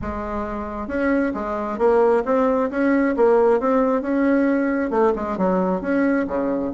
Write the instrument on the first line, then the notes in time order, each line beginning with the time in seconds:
bassoon
0.01 G#3
0.87 C#4
1.34 G#3
1.78 A#3
2.25 C4
2.70 C#4
3.16 A#3
3.59 C4
4.01 C#4
4.90 A3
5.15 G#3
5.37 F#3
5.81 C#4
6.27 C#3